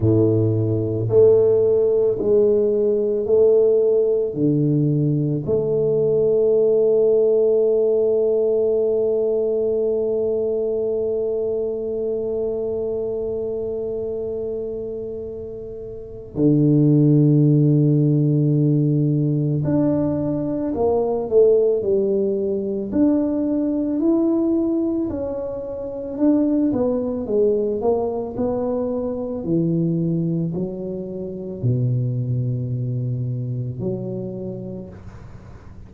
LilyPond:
\new Staff \with { instrumentName = "tuba" } { \time 4/4 \tempo 4 = 55 a,4 a4 gis4 a4 | d4 a2.~ | a1~ | a2. d4~ |
d2 d'4 ais8 a8 | g4 d'4 e'4 cis'4 | d'8 b8 gis8 ais8 b4 e4 | fis4 b,2 fis4 | }